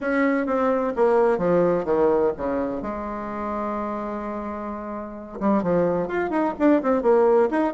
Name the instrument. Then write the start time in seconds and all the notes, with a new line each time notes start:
bassoon
0.01 C#4
0.46 C4
0.95 A#3
1.38 F3
1.85 D#3
2.37 C#3
2.81 G#3
5.40 G3
5.62 F3
6.07 F4
6.30 D#4
6.58 D4
6.82 C4
7.02 A#3
7.50 D#4